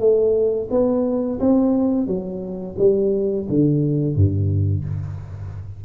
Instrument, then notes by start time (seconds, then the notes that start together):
tuba
0.00 A3
0.71 B3
1.40 C4
2.07 F#3
2.79 G3
3.49 D3
4.16 G2